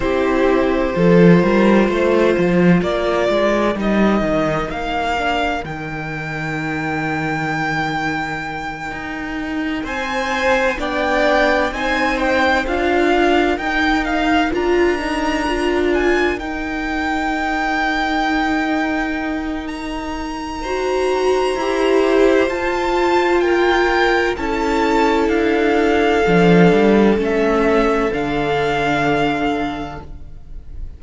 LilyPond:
<<
  \new Staff \with { instrumentName = "violin" } { \time 4/4 \tempo 4 = 64 c''2. d''4 | dis''4 f''4 g''2~ | g''2~ g''8 gis''4 g''8~ | g''8 gis''8 g''8 f''4 g''8 f''8 ais''8~ |
ais''4 gis''8 g''2~ g''8~ | g''4 ais''2. | a''4 g''4 a''4 f''4~ | f''4 e''4 f''2 | }
  \new Staff \with { instrumentName = "violin" } { \time 4/4 g'4 a'8 ais'8 c''4 ais'4~ | ais'1~ | ais'2~ ais'8 c''4 d''8~ | d''8 c''4. ais'2~ |
ais'1~ | ais'2 c''2~ | c''4 ais'4 a'2~ | a'1 | }
  \new Staff \with { instrumentName = "viola" } { \time 4/4 e'4 f'2. | dis'4. d'8 dis'2~ | dis'2.~ dis'8 d'8~ | d'8 dis'4 f'4 dis'4 f'8 |
dis'8 f'4 dis'2~ dis'8~ | dis'2 fis'4 g'4 | f'2 e'2 | d'4 cis'4 d'2 | }
  \new Staff \with { instrumentName = "cello" } { \time 4/4 c'4 f8 g8 a8 f8 ais8 gis8 | g8 dis8 ais4 dis2~ | dis4. dis'4 c'4 b8~ | b8 c'4 d'4 dis'4 d'8~ |
d'4. dis'2~ dis'8~ | dis'2. e'4 | f'2 cis'4 d'4 | f8 g8 a4 d2 | }
>>